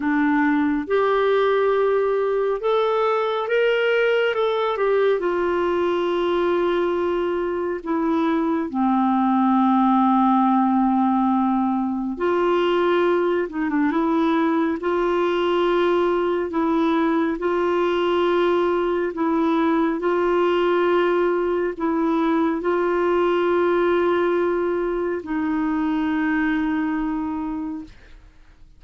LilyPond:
\new Staff \with { instrumentName = "clarinet" } { \time 4/4 \tempo 4 = 69 d'4 g'2 a'4 | ais'4 a'8 g'8 f'2~ | f'4 e'4 c'2~ | c'2 f'4. dis'16 d'16 |
e'4 f'2 e'4 | f'2 e'4 f'4~ | f'4 e'4 f'2~ | f'4 dis'2. | }